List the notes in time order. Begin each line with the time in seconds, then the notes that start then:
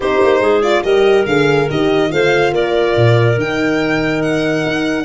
0.00 C4 D#4 G4 C5
0.22 A#3
0.39 G#3 G#4
0.61 F4 D5
0.83 G3 G4 A#4 D#5
1.26 D3 G#4 F5
1.70 D#3 G4 D#5
2.08 A3 F4 C5 F5
2.52 A#3 A#4 D5
2.96 A#2
3.37 D#3 D#4 G5
4.22 F#5
4.66 D#4